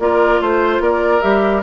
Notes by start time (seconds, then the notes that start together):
0.00 A#3 F4 A#4 D5
0.41 A3 C5
0.80 A#3 A#4 D5
1.22 G3 G4 E5